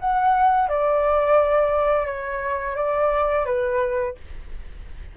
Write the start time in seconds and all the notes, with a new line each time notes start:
0.00 F#5
0.69 D5
2.06 C#5
2.76 D5
3.45 B4